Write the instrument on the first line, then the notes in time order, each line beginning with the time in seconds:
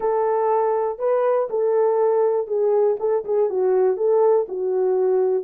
horn
0.00 A4
0.98 B4
1.49 A4
2.47 G#4
2.99 A4
3.24 G#4
3.49 F#4
3.96 A4
4.48 F#4